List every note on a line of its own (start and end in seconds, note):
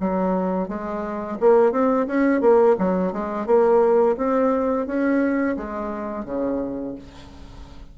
0.00 0.68 F#3
0.68 1.38 G#3
1.40 1.72 A#3
1.72 2.06 C4
2.07 2.41 C#4
2.41 2.76 A#3
2.78 3.12 F#3
3.12 3.46 G#3
3.46 4.16 A#3
4.17 4.86 C4
4.86 5.56 C#4
5.57 6.25 G#3
6.25 6.95 C#3